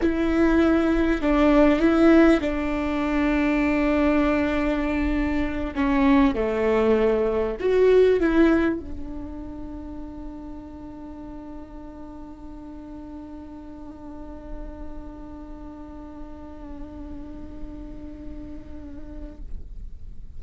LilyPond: \new Staff \with { instrumentName = "viola" } { \time 4/4 \tempo 4 = 99 e'2 d'4 e'4 | d'1~ | d'4. cis'4 a4.~ | a8 fis'4 e'4 d'4.~ |
d'1~ | d'1~ | d'1~ | d'1 | }